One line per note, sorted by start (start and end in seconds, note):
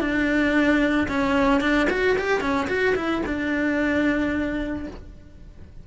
0.00 1.07 D4
1.08 1.61 C#4
1.61 1.88 D4
1.90 2.17 F#4
2.18 2.41 G4
2.41 2.68 C#4
2.68 2.95 F#4
2.96 3.22 E4
3.26 4.87 D4